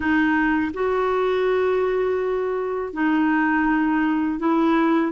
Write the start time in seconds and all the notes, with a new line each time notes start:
0.00 D#4
0.73 F#4
2.93 D#4
4.39 E4